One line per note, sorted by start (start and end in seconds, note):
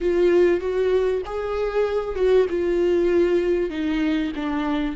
0.01 0.60 F4
0.60 1.22 F#4
1.25 2.15 G#4
2.15 2.46 F#4
2.49 3.70 F4
3.70 4.32 D#4
4.35 4.95 D4